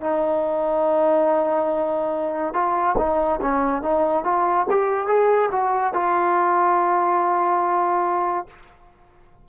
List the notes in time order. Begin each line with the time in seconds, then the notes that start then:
0.00 D#4
2.53 F4
2.97 D#4
3.41 C#4
3.81 D#4
4.24 F4
4.70 G4
5.07 G#4
5.51 F#4
5.93 F4